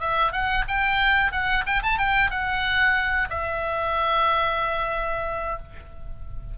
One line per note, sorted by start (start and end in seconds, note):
0.00 0.32 E5
0.32 0.65 F#5
0.68 1.32 G5
1.32 1.64 F#5
1.66 1.82 G5
1.83 1.98 A5
1.98 2.31 G5
2.31 3.28 F#5
3.30 5.58 E5